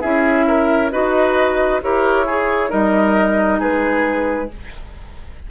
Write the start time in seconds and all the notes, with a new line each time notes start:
0.00 C#4 E4 G#4 E5
0.47 A#4
0.90 D#4 F#4 B4 D#5
1.81 E4 G4 A#4 C#5
2.26 G#4
2.68 G3 D#4 A#4 D#5
3.59 G#3 G#4 B4